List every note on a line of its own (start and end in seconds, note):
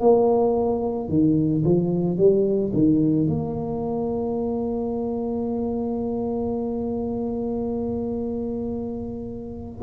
0.00 1.09 A#3
1.09 1.63 D#3
1.65 2.17 F3
2.17 2.72 G3
2.73 3.27 D#3
3.27 9.82 A#3